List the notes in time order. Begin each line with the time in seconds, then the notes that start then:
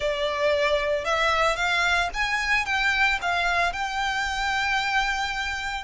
0.00 D5
1.04 E5
1.56 F5
2.13 G#5
2.65 G5
3.21 F5
3.72 G5